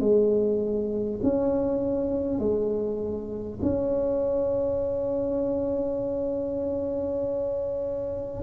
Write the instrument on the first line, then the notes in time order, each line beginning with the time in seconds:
tuba
0.00 G#3
1.23 C#4
2.39 G#3
3.63 C#4